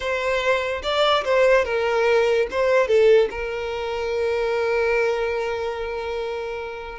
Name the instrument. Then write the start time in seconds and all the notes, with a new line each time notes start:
violin
0.00 C5
0.82 D5
1.24 C5
1.64 A#4
2.50 C5
2.87 A4
3.30 A#4